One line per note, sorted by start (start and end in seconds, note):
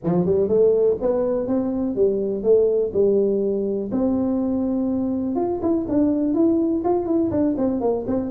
0.03 0.25 F3
0.25 0.48 G3
0.48 0.97 A3
1.01 1.47 B3
1.47 1.95 C4
1.95 2.43 G3
2.43 2.92 A3
2.93 3.90 G3
3.91 5.35 C4
5.35 5.60 F4
5.61 5.86 E4
5.88 6.33 D4
6.33 6.82 E4
6.84 7.06 F4
7.06 7.30 E4
7.30 7.55 D4
7.57 7.80 C4
7.80 8.05 A#3
8.07 8.30 C4